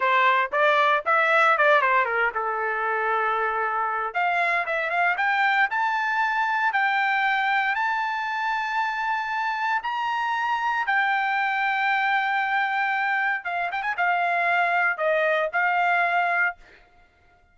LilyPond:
\new Staff \with { instrumentName = "trumpet" } { \time 4/4 \tempo 4 = 116 c''4 d''4 e''4 d''8 c''8 | ais'8 a'2.~ a'8 | f''4 e''8 f''8 g''4 a''4~ | a''4 g''2 a''4~ |
a''2. ais''4~ | ais''4 g''2.~ | g''2 f''8 g''16 gis''16 f''4~ | f''4 dis''4 f''2 | }